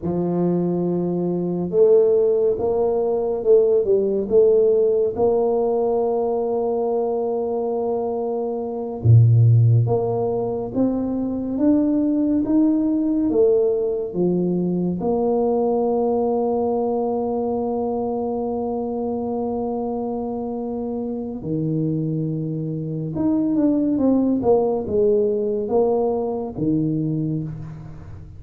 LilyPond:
\new Staff \with { instrumentName = "tuba" } { \time 4/4 \tempo 4 = 70 f2 a4 ais4 | a8 g8 a4 ais2~ | ais2~ ais8 ais,4 ais8~ | ais8 c'4 d'4 dis'4 a8~ |
a8 f4 ais2~ ais8~ | ais1~ | ais4 dis2 dis'8 d'8 | c'8 ais8 gis4 ais4 dis4 | }